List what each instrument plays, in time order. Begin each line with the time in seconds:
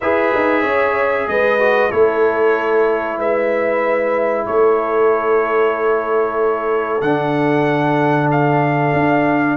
0.01 tuba E4, trombone G#4, horn B4, trumpet E5
0.35 tuba D#4
0.62 tuba C#4, horn C#5
1.27 tuba G#3, horn B4, trumpet D#5
1.59 trombone F#4
1.90 tuba A3, trombone E4, horn A4, trumpet C#5
3.17 tuba G#3, horn B4, trumpet E5
4.46 tuba A3, horn A4, trumpet C#5
7.01 tuba D3, trombone D4, trumpet F#5
8.31 trumpet F5
8.93 tuba D4